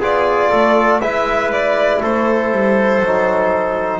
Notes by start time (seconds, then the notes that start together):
0.00 B3 F4 G#4 D5
0.50 A3 A4
1.01 G#3 E4 B4 E5
1.51 D5
2.02 A3 A4 C5
2.52 G3
3.00 F#3 D#4